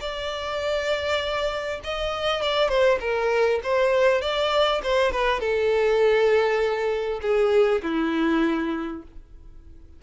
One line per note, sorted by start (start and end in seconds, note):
0.00 1.80 D5
1.84 2.42 D#5
2.42 2.69 D5
2.69 2.99 C5
3.00 3.60 A#4
3.63 4.21 C5
4.21 4.81 D5
4.83 5.12 C5
5.12 5.40 B4
5.40 7.20 A4
7.22 7.82 G#4
7.83 9.03 E4